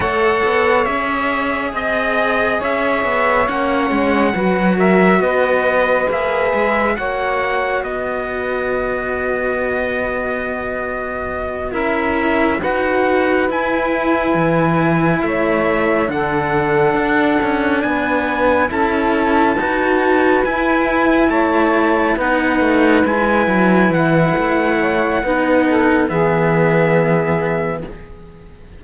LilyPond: <<
  \new Staff \with { instrumentName = "trumpet" } { \time 4/4 \tempo 4 = 69 fis''4 e''4 dis''4 e''4 | fis''4. e''8 dis''4 e''4 | fis''4 dis''2.~ | dis''4. e''4 fis''4 gis''8~ |
gis''4. e''4 fis''4.~ | fis''8 gis''4 a''2 gis''8~ | gis''8 a''4 fis''4 gis''4 fis''8~ | fis''2 e''2 | }
  \new Staff \with { instrumentName = "saxophone" } { \time 4/4 cis''2 dis''4 cis''4~ | cis''4 b'8 ais'8 b'2 | cis''4 b'2.~ | b'4. ais'4 b'4.~ |
b'4. cis''4 a'4.~ | a'8 b'4 a'4 b'4.~ | b'8 cis''4 b'2~ b'8~ | b'8 cis''8 b'8 a'8 gis'2 | }
  \new Staff \with { instrumentName = "cello" } { \time 4/4 a'4 gis'2. | cis'4 fis'2 gis'4 | fis'1~ | fis'4. e'4 fis'4 e'8~ |
e'2~ e'8 d'4.~ | d'4. e'4 fis'4 e'8~ | e'4. dis'4 e'4.~ | e'4 dis'4 b2 | }
  \new Staff \with { instrumentName = "cello" } { \time 4/4 a8 b8 cis'4 c'4 cis'8 b8 | ais8 gis8 fis4 b4 ais8 gis8 | ais4 b2.~ | b4. cis'4 dis'4 e'8~ |
e'8 e4 a4 d4 d'8 | cis'8 b4 cis'4 dis'4 e'8~ | e'8 a4 b8 a8 gis8 fis8 e8 | a4 b4 e2 | }
>>